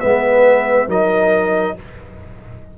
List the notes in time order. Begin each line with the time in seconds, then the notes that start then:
0.00 G#3 B3 B4 E5
0.87 F#3 D#4 A#4 D#5